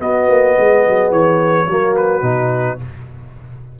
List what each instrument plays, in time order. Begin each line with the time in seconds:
0.00 trombone B3, tuba B3, horn F#4, trumpet D#5
0.29 tuba A#3
0.58 tuba G#3, horn G#4
0.88 tuba F#3
1.11 tuba E3, trumpet C#5
1.68 tuba F#3, trombone A#3, horn F#4
1.97 trumpet B4
2.22 tuba B2, trombone D#4